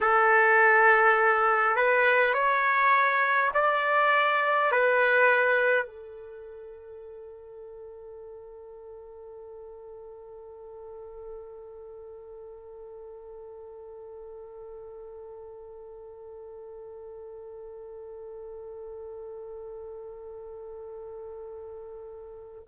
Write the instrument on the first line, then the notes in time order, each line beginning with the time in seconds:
trumpet
0.01 A4
1.75 B4
2.33 C#5
3.53 D5
4.71 B4
5.86 A4